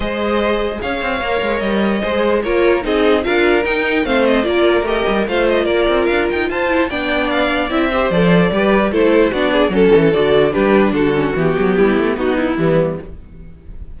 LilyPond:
<<
  \new Staff \with { instrumentName = "violin" } { \time 4/4 \tempo 4 = 148 dis''2 f''2 | dis''2 cis''4 dis''4 | f''4 g''4 f''8 dis''8 d''4 | dis''4 f''8 dis''8 d''4 f''8 g''8 |
a''4 g''4 f''4 e''4 | d''2 c''4 d''4 | a'4 d''4 b'4 a'4 | g'2 fis'8 e'4. | }
  \new Staff \with { instrumentName = "violin" } { \time 4/4 c''2 cis''2~ | cis''4 c''4 ais'4 gis'4 | ais'2 c''4 ais'4~ | ais'4 c''4 ais'2 |
c''4 d''2~ d''8 c''8~ | c''4 b'4 a'4 fis'8 gis'8 | a'2 g'4 fis'4~ | fis'4 e'4 dis'4 b4 | }
  \new Staff \with { instrumentName = "viola" } { \time 4/4 gis'2. ais'4~ | ais'4 gis'4 f'4 dis'4 | f'4 dis'4 c'4 f'4 | g'4 f'2.~ |
f'8 e'8 d'2 e'8 g'8 | a'4 g'4 e'4 d'4 | cis'4 fis'4 d'4. cis'8 | b2. g4 | }
  \new Staff \with { instrumentName = "cello" } { \time 4/4 gis2 cis'8 c'8 ais8 gis8 | g4 gis4 ais4 c'4 | d'4 dis'4 a4 ais4 | a8 g8 a4 ais8 c'8 d'8 dis'8 |
f'4 b2 c'4 | f4 g4 a4 b4 | fis8 e8 d4 g4 d4 | e8 fis8 g8 a8 b4 e4 | }
>>